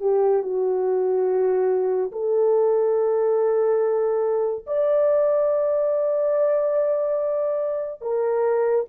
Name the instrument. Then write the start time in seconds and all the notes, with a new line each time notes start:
horn
0.00 G4
0.42 F#4
2.12 A4
4.67 D5
8.01 A#4